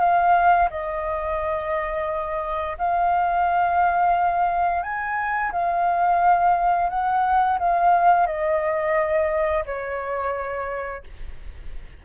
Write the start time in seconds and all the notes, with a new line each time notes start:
0.00 F5
0.71 D#5
2.78 F5
4.83 G#5
5.52 F5
6.90 F#5
7.59 F5
8.27 D#5
9.66 C#5